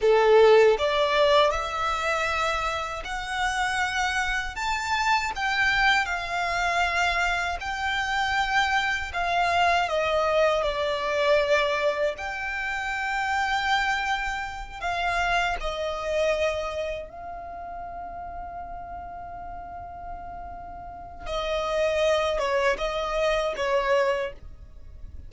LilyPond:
\new Staff \with { instrumentName = "violin" } { \time 4/4 \tempo 4 = 79 a'4 d''4 e''2 | fis''2 a''4 g''4 | f''2 g''2 | f''4 dis''4 d''2 |
g''2.~ g''8 f''8~ | f''8 dis''2 f''4.~ | f''1 | dis''4. cis''8 dis''4 cis''4 | }